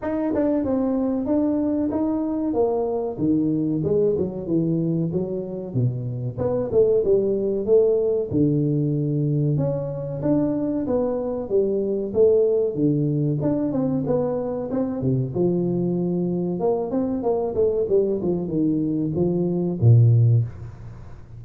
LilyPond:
\new Staff \with { instrumentName = "tuba" } { \time 4/4 \tempo 4 = 94 dis'8 d'8 c'4 d'4 dis'4 | ais4 dis4 gis8 fis8 e4 | fis4 b,4 b8 a8 g4 | a4 d2 cis'4 |
d'4 b4 g4 a4 | d4 d'8 c'8 b4 c'8 c8 | f2 ais8 c'8 ais8 a8 | g8 f8 dis4 f4 ais,4 | }